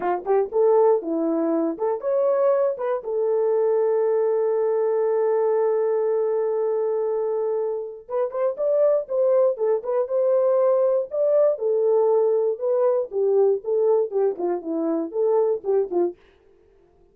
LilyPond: \new Staff \with { instrumentName = "horn" } { \time 4/4 \tempo 4 = 119 f'8 g'8 a'4 e'4. a'8 | cis''4. b'8 a'2~ | a'1~ | a'1 |
b'8 c''8 d''4 c''4 a'8 b'8 | c''2 d''4 a'4~ | a'4 b'4 g'4 a'4 | g'8 f'8 e'4 a'4 g'8 f'8 | }